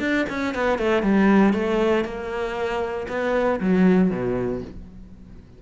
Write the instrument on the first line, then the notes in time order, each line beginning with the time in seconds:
cello
0.00 D4
0.30 C#4
0.55 B3
0.79 A3
1.03 G3
1.54 A3
2.05 A#3
3.09 B3
3.60 F#3
4.11 B2